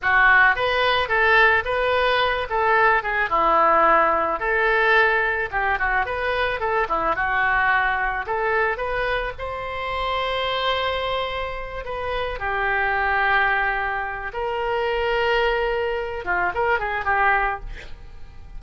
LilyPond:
\new Staff \with { instrumentName = "oboe" } { \time 4/4 \tempo 4 = 109 fis'4 b'4 a'4 b'4~ | b'8 a'4 gis'8 e'2 | a'2 g'8 fis'8 b'4 | a'8 e'8 fis'2 a'4 |
b'4 c''2.~ | c''4. b'4 g'4.~ | g'2 ais'2~ | ais'4. f'8 ais'8 gis'8 g'4 | }